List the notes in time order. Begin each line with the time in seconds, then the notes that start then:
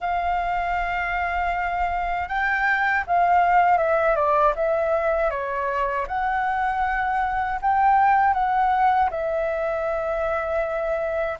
0.00 F5
2.28 G5
3.07 F5
3.77 E5
4.15 D5
4.55 E5
5.30 C#5
6.07 F#5
7.61 G5
8.33 F#5
9.10 E5